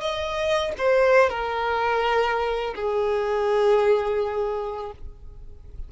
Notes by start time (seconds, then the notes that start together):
0.00 D#5
0.78 C5
1.30 A#4
2.75 G#4